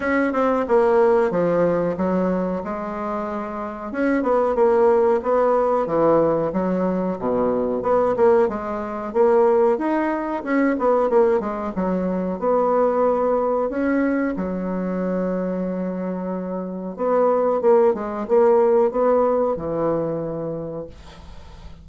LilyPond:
\new Staff \with { instrumentName = "bassoon" } { \time 4/4 \tempo 4 = 92 cis'8 c'8 ais4 f4 fis4 | gis2 cis'8 b8 ais4 | b4 e4 fis4 b,4 | b8 ais8 gis4 ais4 dis'4 |
cis'8 b8 ais8 gis8 fis4 b4~ | b4 cis'4 fis2~ | fis2 b4 ais8 gis8 | ais4 b4 e2 | }